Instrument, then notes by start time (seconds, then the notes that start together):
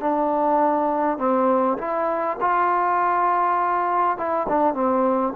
trombone
0.00 D4
1.18 C4
1.77 E4
2.40 F4
4.17 E4
4.48 D4
4.74 C4